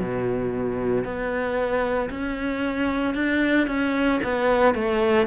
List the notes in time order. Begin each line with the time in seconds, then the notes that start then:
0.00 B2
1.04 B3
2.10 C#4
3.14 D4
3.67 C#4
4.24 B3
4.74 A3